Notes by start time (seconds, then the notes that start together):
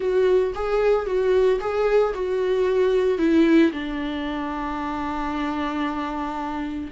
0.00 F#4
0.54 G#4
1.06 F#4
1.60 G#4
2.14 F#4
3.18 E4
3.72 D4